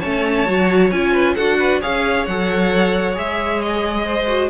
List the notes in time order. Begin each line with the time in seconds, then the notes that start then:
0.00 A3 C#4 C#5 A5
0.46 F#3 F#4
0.91 C#4 F4 G#5
1.12 B4
1.35 D4 F#4 A4 F#5
1.59 B4
1.81 C#4 G#4 C#5 F5
2.26 F#3 A4 F#5
3.14 G#3 G#4 E5
3.61 D#5
4.05 C5
4.27 F#4